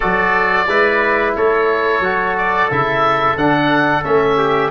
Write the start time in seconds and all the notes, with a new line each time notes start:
0.00 F#3 F#4 A4 D5
0.67 G#3 E4 B4
1.35 A3 A4 C#5
1.99 F#3 F#4
2.37 D5
2.70 C#3 E4 E5
3.35 D3 D4 F#5
4.03 A3 C#4 E5
4.37 G4